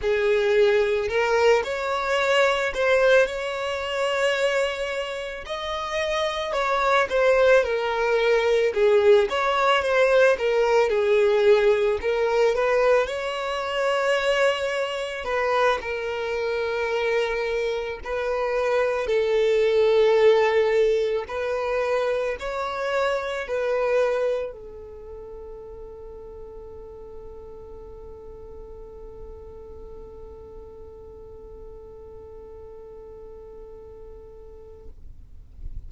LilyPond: \new Staff \with { instrumentName = "violin" } { \time 4/4 \tempo 4 = 55 gis'4 ais'8 cis''4 c''8 cis''4~ | cis''4 dis''4 cis''8 c''8 ais'4 | gis'8 cis''8 c''8 ais'8 gis'4 ais'8 b'8 | cis''2 b'8 ais'4.~ |
ais'8 b'4 a'2 b'8~ | b'8 cis''4 b'4 a'4.~ | a'1~ | a'1 | }